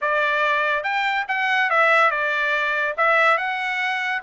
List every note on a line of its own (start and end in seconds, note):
0.01 0.83 D5
0.83 1.25 G5
1.28 1.70 F#5
1.70 2.10 E5
2.10 2.95 D5
2.97 3.37 E5
3.37 4.22 F#5